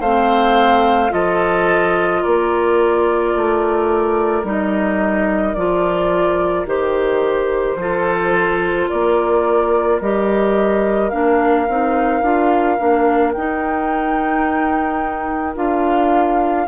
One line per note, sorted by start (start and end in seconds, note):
0.00 1.11 A3
0.00 1.09 C4
0.00 1.11 C5
0.00 1.12 F5
1.09 2.23 F3
1.09 4.43 F4
1.09 2.22 A4
1.09 2.22 D#5
2.22 3.35 A#3
2.22 7.77 A#4
2.22 4.45 D5
3.35 4.43 A3
4.43 5.54 G3
4.43 5.55 D#4
4.50 5.54 D#5
5.54 6.65 F3
5.54 6.66 F4
5.54 6.65 D5
6.65 7.76 D#3
6.65 7.77 G4
6.65 8.89 C5
7.76 8.87 F3
7.76 10.01 F4
7.76 8.90 A4
8.89 10.00 A#3
8.89 16.67 A#4
8.89 10.00 D5
10.00 11.12 G3
10.00 11.11 G4
10.00 11.09 D#5
11.09 11.68 A#3
11.09 11.66 D4
11.09 13.32 F5
11.68 12.22 C4
11.68 12.23 D#4
12.22 12.77 D4
12.22 12.78 F4
12.78 13.35 A#3
12.78 13.34 D4
13.32 15.56 D#4
13.32 15.55 D#4
13.32 15.55 G5
15.55 16.67 D4
15.55 16.66 F4
15.55 16.67 F5